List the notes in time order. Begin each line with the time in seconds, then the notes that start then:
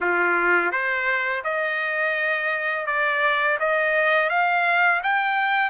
0.00 F4
0.71 C5
1.44 D#5
2.86 D5
3.59 D#5
4.29 F5
5.03 G5